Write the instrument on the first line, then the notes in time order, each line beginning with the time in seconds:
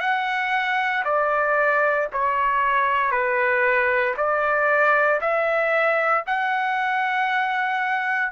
trumpet
0.00 F#5
1.04 D5
2.13 C#5
3.11 B4
4.17 D5
5.21 E5
6.26 F#5